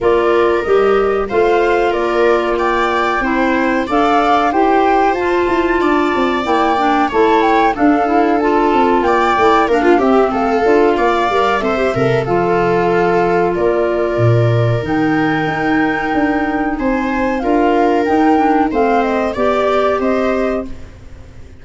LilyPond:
<<
  \new Staff \with { instrumentName = "flute" } { \time 4/4 \tempo 4 = 93 d''4 dis''4 f''4 d''4 | g''2 f''4 g''4 | a''2 g''4 a''8 g''8 | f''4 a''4 g''4 f''8 e''8 |
f''2 e''4 f''4~ | f''4 d''2 g''4~ | g''2 gis''4 f''4 | g''4 f''8 dis''8 d''4 dis''4 | }
  \new Staff \with { instrumentName = "viola" } { \time 4/4 ais'2 c''4 ais'4 | d''4 c''4 d''4 c''4~ | c''4 d''2 cis''4 | a'2 d''4 ais'16 f'16 g'8 |
a'4 d''4 c''8 ais'8 a'4~ | a'4 ais'2.~ | ais'2 c''4 ais'4~ | ais'4 c''4 d''4 c''4 | }
  \new Staff \with { instrumentName = "clarinet" } { \time 4/4 f'4 g'4 f'2~ | f'4 e'4 a'4 g'4 | f'2 e'8 d'8 e'4 | d'8 e'8 f'4. e'8 d'8 c'8~ |
c'8 f'4 ais'8 a'16 g'16 a'8 f'4~ | f'2. dis'4~ | dis'2. f'4 | dis'8 d'8 c'4 g'2 | }
  \new Staff \with { instrumentName = "tuba" } { \time 4/4 ais4 g4 a4 ais4~ | ais4 c'4 d'4 e'4 | f'8 e'8 d'8 c'8 ais4 a4 | d'4. c'8 ais8 a8 ais8 c'8 |
a8 d'8 ais8 g8 c'8 c8 f4~ | f4 ais4 ais,4 dis4 | dis'4 d'4 c'4 d'4 | dis'4 a4 b4 c'4 | }
>>